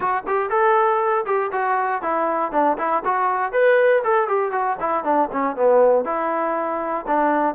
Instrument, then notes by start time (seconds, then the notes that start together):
trombone
0.00 F#4
0.26 G4
0.49 A4
1.25 G4
1.51 F#4
2.02 E4
2.52 D4
2.78 E4
3.04 F#4
3.52 B4
4.04 A4
4.27 G4
4.51 F#4
4.79 E4
5.04 D4
5.31 C#4
5.56 B3
6.04 E4
7.07 D4